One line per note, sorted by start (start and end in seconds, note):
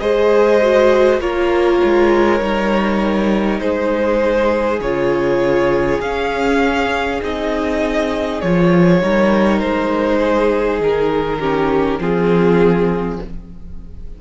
0.00 1.20 G#3
0.00 0.61 G#4
0.00 1.21 C5
0.00 1.20 D#5
0.62 1.21 F#4
1.20 1.80 A#3
1.20 2.40 F4
1.20 3.61 A#4
1.20 3.60 C#5
1.84 2.41 G#3
2.40 3.61 G3
2.40 4.80 D#4
3.60 4.80 G#3
3.60 9.02 G#4
3.60 4.80 C5
4.80 6.00 C#3
4.80 6.02 F4
4.80 6.01 C#5
6.01 7.21 C#4
6.01 7.21 F5
7.21 8.43 C4
7.21 8.42 D#4
7.21 8.41 D#5
8.41 9.02 F3
8.41 9.02 F4
8.41 9.60 C#5
9.02 9.62 G3
9.02 11.41 D#4
9.02 10.19 A#4
9.60 10.80 G#3
9.60 10.79 C5
10.19 11.39 G#4
10.80 11.99 D#3
10.80 12.01 A#4
11.40 12.00 C#4
11.40 12.00 G4
11.99 13.19 F3
11.99 13.20 C4
11.99 13.21 F4
11.99 13.21 G#4